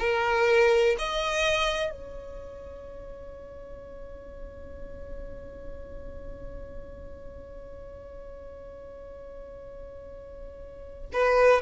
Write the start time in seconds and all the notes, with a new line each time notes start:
0.00 A#4
0.99 D#5
1.91 C#5
11.13 B4